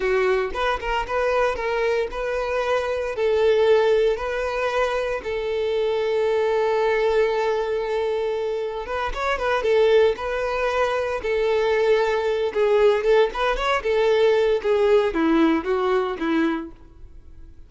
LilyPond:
\new Staff \with { instrumentName = "violin" } { \time 4/4 \tempo 4 = 115 fis'4 b'8 ais'8 b'4 ais'4 | b'2 a'2 | b'2 a'2~ | a'1~ |
a'4 b'8 cis''8 b'8 a'4 b'8~ | b'4. a'2~ a'8 | gis'4 a'8 b'8 cis''8 a'4. | gis'4 e'4 fis'4 e'4 | }